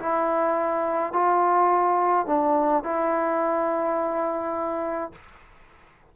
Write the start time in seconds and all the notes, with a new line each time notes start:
0.00 E4
1.14 F4
2.27 D4
2.84 E4